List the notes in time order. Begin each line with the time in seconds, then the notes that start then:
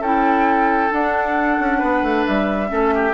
0.00 C#4 E4 A4 G5
0.90 D4 F#5
1.59 C#4
1.78 B3 B4
2.03 A3
2.26 G3 E5
2.68 A3 C#4 A4
2.95 G4